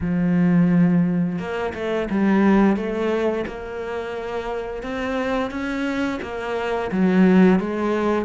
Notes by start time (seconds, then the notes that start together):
0.01 F3
1.38 A#3
1.74 A3
2.09 G3
2.76 A3
3.46 A#3
4.82 C4
5.50 C#4
6.22 A#3
6.91 F#3
7.59 G#3